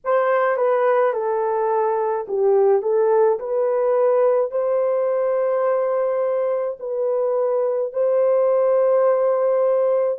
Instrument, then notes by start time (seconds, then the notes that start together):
horn
0.04 C5
0.57 B4
1.13 A4
2.27 G4
2.81 A4
3.39 B4
4.51 C5
6.79 B4
7.92 C5